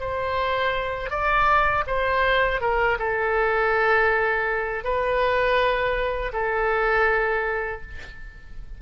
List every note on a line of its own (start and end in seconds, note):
0.00 1.10 C5
1.10 1.84 D5
1.87 2.61 C5
2.61 2.98 A#4
2.99 4.84 A4
4.84 6.32 B4
6.33 7.81 A4